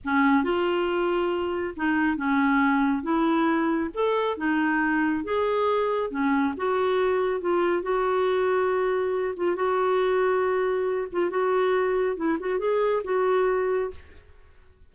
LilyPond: \new Staff \with { instrumentName = "clarinet" } { \time 4/4 \tempo 4 = 138 cis'4 f'2. | dis'4 cis'2 e'4~ | e'4 a'4 dis'2 | gis'2 cis'4 fis'4~ |
fis'4 f'4 fis'2~ | fis'4. f'8 fis'2~ | fis'4. f'8 fis'2 | e'8 fis'8 gis'4 fis'2 | }